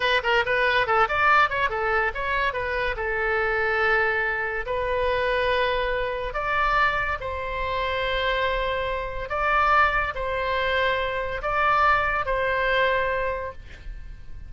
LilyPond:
\new Staff \with { instrumentName = "oboe" } { \time 4/4 \tempo 4 = 142 b'8 ais'8 b'4 a'8 d''4 cis''8 | a'4 cis''4 b'4 a'4~ | a'2. b'4~ | b'2. d''4~ |
d''4 c''2.~ | c''2 d''2 | c''2. d''4~ | d''4 c''2. | }